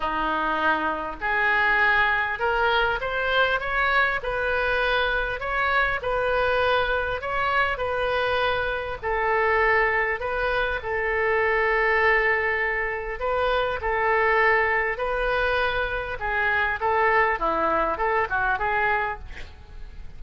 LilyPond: \new Staff \with { instrumentName = "oboe" } { \time 4/4 \tempo 4 = 100 dis'2 gis'2 | ais'4 c''4 cis''4 b'4~ | b'4 cis''4 b'2 | cis''4 b'2 a'4~ |
a'4 b'4 a'2~ | a'2 b'4 a'4~ | a'4 b'2 gis'4 | a'4 e'4 a'8 fis'8 gis'4 | }